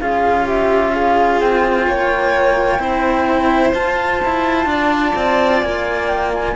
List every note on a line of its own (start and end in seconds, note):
0.00 1.41 C#4
0.00 2.79 F4
0.00 0.46 G#4
0.00 0.47 F5
0.46 0.92 G4
0.46 0.94 E5
0.94 1.88 G#4
0.94 1.39 F5
1.39 1.88 C4
1.39 3.74 G5
1.88 2.79 A#3
1.88 2.80 C#5
2.79 3.73 C4
2.79 3.73 E4
2.79 4.68 C5
3.74 4.21 F4
3.74 6.55 F4
3.74 5.61 A5
4.25 4.66 E4
4.66 5.12 D4
4.66 6.56 D5
5.16 5.62 C4
5.61 6.55 A#3
5.61 6.08 G#5
6.08 6.31 G5
6.34 6.56 G#5